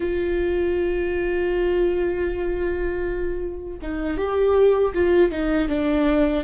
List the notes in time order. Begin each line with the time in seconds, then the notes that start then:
0.00 F4
3.81 D#4
4.17 G4
4.93 F4
5.31 D#4
5.68 D4